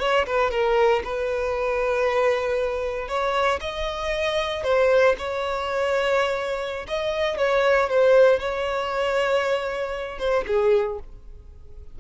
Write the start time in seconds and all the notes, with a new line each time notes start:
0.00 C#5
0.26 B4
0.51 A#4
1.04 B4
3.08 C#5
3.61 D#5
4.64 C5
5.18 C#5
6.88 D#5
7.38 C#5
7.89 C5
8.39 C#5
10.19 C5
10.47 G#4